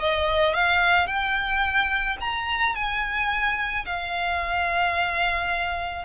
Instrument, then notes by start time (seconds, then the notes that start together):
violin
0.00 D#5
0.54 F5
1.07 G5
2.20 A#5
2.75 G#5
3.85 F5